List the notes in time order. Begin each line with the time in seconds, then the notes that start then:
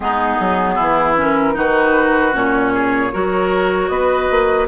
0.00 G#3 B3 D#4 G#4
0.40 F#3
0.74 E3 E4
1.16 C#4 A#4
1.53 D#3 D#4 F#4 B4
2.32 A#2 C#4 C#5
2.73 G#4
3.12 F#3 F#4 A#4
3.88 B3 B4 D#5
4.30 A#3